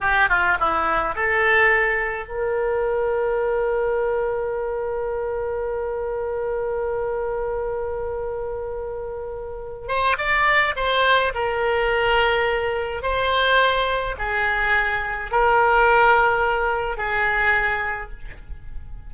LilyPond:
\new Staff \with { instrumentName = "oboe" } { \time 4/4 \tempo 4 = 106 g'8 f'8 e'4 a'2 | ais'1~ | ais'1~ | ais'1~ |
ais'4. c''8 d''4 c''4 | ais'2. c''4~ | c''4 gis'2 ais'4~ | ais'2 gis'2 | }